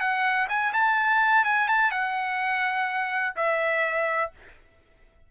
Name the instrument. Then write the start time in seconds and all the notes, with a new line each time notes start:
trumpet
0.00 F#5
0.49 G#5
0.73 A5
1.45 G#5
1.68 A5
1.91 F#5
3.36 E5